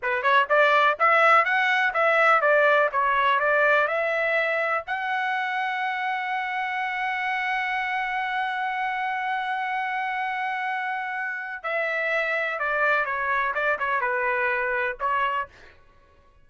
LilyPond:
\new Staff \with { instrumentName = "trumpet" } { \time 4/4 \tempo 4 = 124 b'8 cis''8 d''4 e''4 fis''4 | e''4 d''4 cis''4 d''4 | e''2 fis''2~ | fis''1~ |
fis''1~ | fis''1 | e''2 d''4 cis''4 | d''8 cis''8 b'2 cis''4 | }